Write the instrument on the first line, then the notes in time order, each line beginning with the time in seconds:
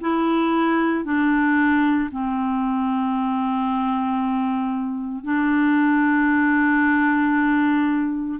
clarinet
0.00 E4
1.04 D4
2.11 C4
5.23 D4